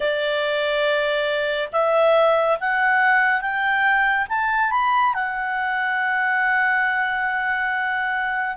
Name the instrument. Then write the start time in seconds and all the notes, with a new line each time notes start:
clarinet
0.00 D5
1.72 E5
2.59 F#5
3.41 G5
4.29 A5
4.71 B5
5.14 F#5